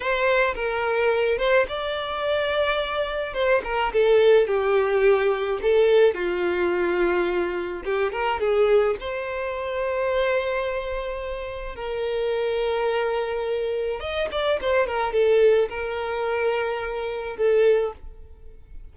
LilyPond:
\new Staff \with { instrumentName = "violin" } { \time 4/4 \tempo 4 = 107 c''4 ais'4. c''8 d''4~ | d''2 c''8 ais'8 a'4 | g'2 a'4 f'4~ | f'2 g'8 ais'8 gis'4 |
c''1~ | c''4 ais'2.~ | ais'4 dis''8 d''8 c''8 ais'8 a'4 | ais'2. a'4 | }